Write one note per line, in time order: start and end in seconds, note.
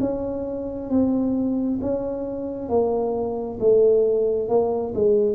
0.00 0.90 C#4
0.90 1.79 C4
1.81 2.69 C#4
2.69 3.58 A#3
3.60 4.48 A3
4.48 4.93 A#3
4.94 5.35 G#3